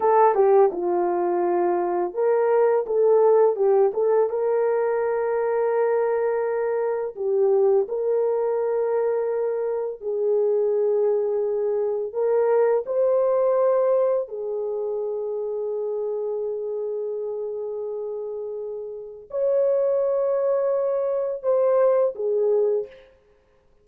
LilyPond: \new Staff \with { instrumentName = "horn" } { \time 4/4 \tempo 4 = 84 a'8 g'8 f'2 ais'4 | a'4 g'8 a'8 ais'2~ | ais'2 g'4 ais'4~ | ais'2 gis'2~ |
gis'4 ais'4 c''2 | gis'1~ | gis'2. cis''4~ | cis''2 c''4 gis'4 | }